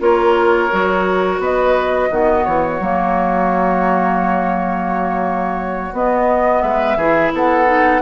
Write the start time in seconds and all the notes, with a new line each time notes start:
0.00 A#3 F4 A#4 C#5
0.72 F#3 F#4
1.39 B3 B4 D#5
2.10 D#3 B3 F#4
2.45 E3 C#5
2.80 F#3 A#3
5.93 B3 D#5
6.62 G#3 B4 E5
6.97 E3 E4 G#4
7.33 B3 A4 F#5
7.66 D#4